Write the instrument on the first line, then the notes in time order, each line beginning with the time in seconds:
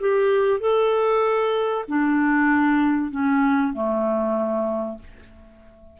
clarinet
0.00 G4
0.60 A4
1.88 D4
3.11 C#4
3.73 A3